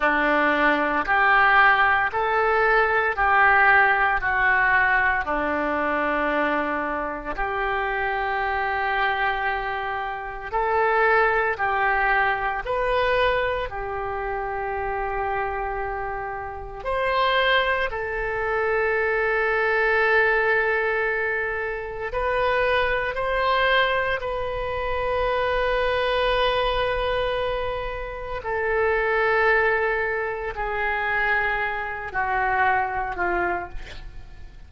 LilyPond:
\new Staff \with { instrumentName = "oboe" } { \time 4/4 \tempo 4 = 57 d'4 g'4 a'4 g'4 | fis'4 d'2 g'4~ | g'2 a'4 g'4 | b'4 g'2. |
c''4 a'2.~ | a'4 b'4 c''4 b'4~ | b'2. a'4~ | a'4 gis'4. fis'4 f'8 | }